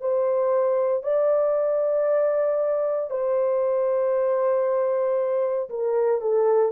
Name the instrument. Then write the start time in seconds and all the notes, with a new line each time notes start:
horn
0.00 C5
1.03 D5
3.10 C5
5.69 A#4
6.21 A4